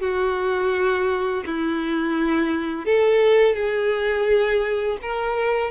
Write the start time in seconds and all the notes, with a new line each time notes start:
0.00 F#4
1.46 E4
2.85 A4
3.55 G#4
5.02 A#4